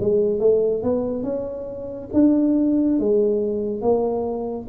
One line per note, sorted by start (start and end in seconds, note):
0.00 0.40 G#3
0.40 0.83 A3
0.83 1.23 B3
1.23 2.09 C#4
2.13 2.99 D4
2.99 3.81 G#3
3.81 4.67 A#3